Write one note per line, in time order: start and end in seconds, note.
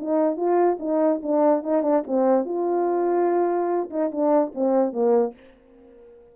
0.00 0.37 D#4
0.37 0.78 F4
0.80 1.21 D#4
1.23 1.64 D4
1.64 1.83 D#4
1.83 2.04 D4
2.08 2.46 C4
2.46 3.90 F4
3.91 4.11 D#4
4.12 4.53 D4
4.55 4.93 C4
4.93 5.34 A#3